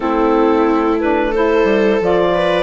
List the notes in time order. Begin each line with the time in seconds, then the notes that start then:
0.00 A3 C4 E4 A4
1.00 D4 B4
1.31 E4 A4 C5
1.64 G3
2.00 F3 F4 D5
2.34 B4